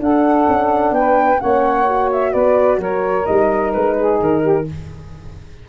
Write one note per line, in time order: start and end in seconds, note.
0.00 0.47 D4
0.00 1.39 D4
0.00 0.95 A4
0.00 0.94 F#5
0.48 0.91 C#4
0.91 1.38 B3
0.91 1.41 B4
0.91 1.40 G5
1.39 2.35 A#3
1.39 1.86 C#4
1.39 2.32 C#5
1.39 2.10 F#5
1.87 3.26 F#4
2.12 2.33 E5
2.32 2.78 B3
2.32 2.78 B4
2.32 2.80 D5
2.78 3.25 F#3
2.78 3.97 A#4
2.78 3.26 C#5
3.26 3.75 G3
3.26 4.66 D#4
3.26 3.72 D#5
3.73 4.21 G#3
3.73 4.19 B4
3.98 4.42 G#4
4.21 4.67 D#3
4.21 4.69 A#4
4.42 4.65 G4